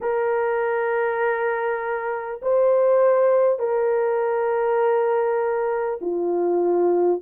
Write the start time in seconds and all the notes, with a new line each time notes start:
0.00 A#4
2.42 C5
3.59 A#4
6.01 F4